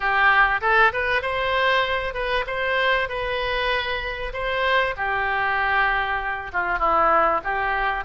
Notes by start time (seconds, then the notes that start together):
0.00 G4
0.61 A4
0.92 B4
1.22 C5
2.13 B4
2.46 C5
3.08 B4
4.33 C5
4.97 G4
6.53 F4
6.78 E4
7.44 G4